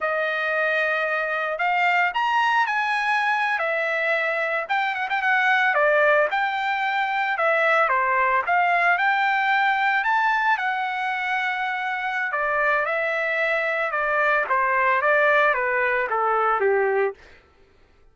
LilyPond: \new Staff \with { instrumentName = "trumpet" } { \time 4/4 \tempo 4 = 112 dis''2. f''4 | ais''4 gis''4.~ gis''16 e''4~ e''16~ | e''8. g''8 fis''16 g''16 fis''4 d''4 g''16~ | g''4.~ g''16 e''4 c''4 f''16~ |
f''8. g''2 a''4 fis''16~ | fis''2. d''4 | e''2 d''4 c''4 | d''4 b'4 a'4 g'4 | }